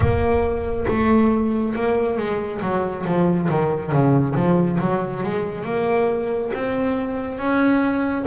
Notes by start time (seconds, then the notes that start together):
0.00 A#3
0.87 A3
1.75 A#3
2.17 G#3
2.61 F#3
3.05 F3
3.49 D#3
3.91 C#3
4.35 F3
4.80 F#3
5.23 G#3
5.64 A#3
6.53 C4
7.38 C#4